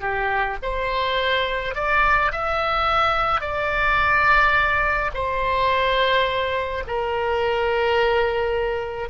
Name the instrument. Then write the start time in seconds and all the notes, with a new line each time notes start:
oboe
0.00 G4
0.62 C5
1.74 D5
2.32 E5
3.41 D5
5.14 C5
6.87 A#4